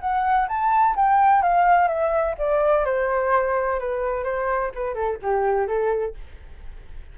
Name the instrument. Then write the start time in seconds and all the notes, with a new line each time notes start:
flute
0.00 F#5
0.48 A5
0.95 G5
1.42 F5
1.88 E5
2.38 D5
2.85 C5
3.79 B4
4.24 C5
4.75 B4
4.94 A4
5.22 G4
5.67 A4